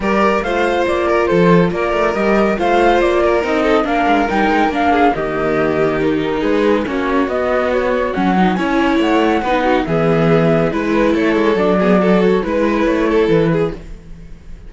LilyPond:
<<
  \new Staff \with { instrumentName = "flute" } { \time 4/4 \tempo 4 = 140 d''4 f''4 d''4 c''4 | d''4 dis''4 f''4 d''4 | dis''4 f''4 g''4 f''4 | dis''2 ais'4 b'4 |
cis''4 dis''4 cis''4 fis''4 | gis''4 fis''2 e''4~ | e''4 b'4 cis''4 d''4~ | d''8 cis''8 b'4 cis''4 b'4 | }
  \new Staff \with { instrumentName = "violin" } { \time 4/4 ais'4 c''4. ais'8 a'4 | ais'2 c''4. ais'8~ | ais'8 a'8 ais'2~ ais'8 gis'8 | g'2. gis'4 |
fis'1 | cis''2 b'8 fis'8 gis'4~ | gis'4 b'4 a'4. gis'8 | a'4 b'4. a'4 gis'8 | }
  \new Staff \with { instrumentName = "viola" } { \time 4/4 g'4 f'2.~ | f'4 g'4 f'2 | dis'4 d'4 dis'4 d'4 | ais2 dis'2 |
cis'4 b2 cis'8 dis'8 | e'2 dis'4 b4~ | b4 e'2 d'8 b8 | fis'4 e'2. | }
  \new Staff \with { instrumentName = "cello" } { \time 4/4 g4 a4 ais4 f4 | ais8 a8 g4 a4 ais4 | c'4 ais8 gis8 g8 gis8 ais4 | dis2. gis4 |
ais4 b2 fis4 | cis'4 a4 b4 e4~ | e4 gis4 a8 gis8 fis4~ | fis4 gis4 a4 e4 | }
>>